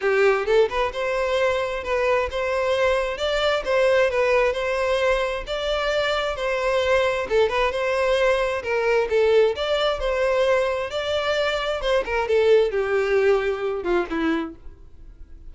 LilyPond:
\new Staff \with { instrumentName = "violin" } { \time 4/4 \tempo 4 = 132 g'4 a'8 b'8 c''2 | b'4 c''2 d''4 | c''4 b'4 c''2 | d''2 c''2 |
a'8 b'8 c''2 ais'4 | a'4 d''4 c''2 | d''2 c''8 ais'8 a'4 | g'2~ g'8 f'8 e'4 | }